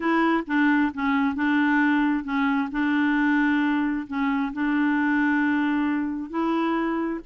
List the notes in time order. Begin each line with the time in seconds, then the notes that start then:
0.00 E4
0.46 D4
0.94 C#4
1.35 D4
2.23 C#4
2.71 D4
4.07 C#4
4.53 D4
6.29 E4